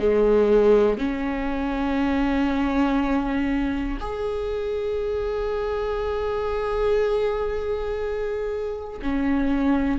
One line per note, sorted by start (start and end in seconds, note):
0.00 0.98 G#3
0.98 3.98 C#4
4.00 9.00 G#4
9.03 10.00 C#4